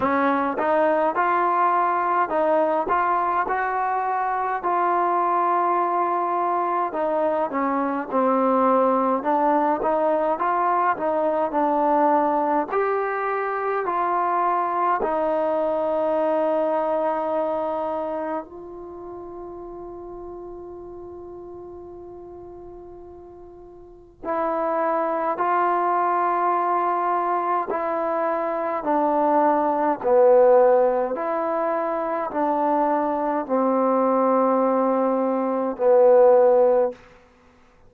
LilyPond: \new Staff \with { instrumentName = "trombone" } { \time 4/4 \tempo 4 = 52 cis'8 dis'8 f'4 dis'8 f'8 fis'4 | f'2 dis'8 cis'8 c'4 | d'8 dis'8 f'8 dis'8 d'4 g'4 | f'4 dis'2. |
f'1~ | f'4 e'4 f'2 | e'4 d'4 b4 e'4 | d'4 c'2 b4 | }